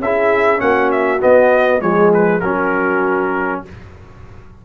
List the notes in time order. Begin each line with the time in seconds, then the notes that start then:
0.00 C#4 E4 G#4 E5
0.58 A#3 C#4 F#4 F#5
0.92 E5
1.21 B3 D#5
1.80 F3 G#3 G#4 C#5
2.14 B4
2.41 F#3 C#4 F#4 A#4